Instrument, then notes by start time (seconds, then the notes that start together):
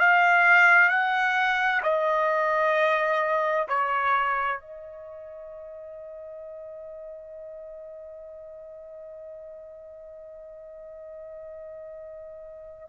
trumpet
0.00 F5
0.89 F#5
1.83 D#5
3.68 C#5
4.60 D#5